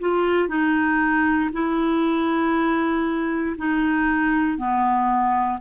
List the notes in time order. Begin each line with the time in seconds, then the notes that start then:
0.00 F4
0.49 D#4
1.53 E4
3.58 D#4
4.58 B3